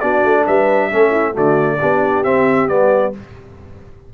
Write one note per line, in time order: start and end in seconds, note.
0.00 0.24 B3
0.00 0.91 D4
0.00 0.46 F#4
0.00 0.44 D5
0.24 0.47 A3
0.46 0.92 G3
0.46 0.91 B4
0.46 1.36 E5
0.91 1.37 A3
0.91 1.33 C#4
0.91 1.11 A4
1.11 1.33 E4
1.33 1.81 D3
1.33 1.78 A3
1.33 1.78 F#4
1.33 2.24 D5
1.80 2.25 B3
1.80 2.24 D4
1.80 3.13 G4
2.24 2.68 C4
2.24 2.69 C4
2.24 2.68 E5
2.68 3.14 G3
2.68 3.13 B3
2.68 3.13 D5